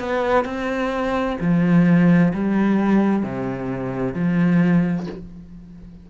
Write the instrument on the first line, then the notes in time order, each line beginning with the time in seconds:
cello
0.00 B3
0.45 C4
1.41 F3
2.34 G3
3.23 C3
4.14 F3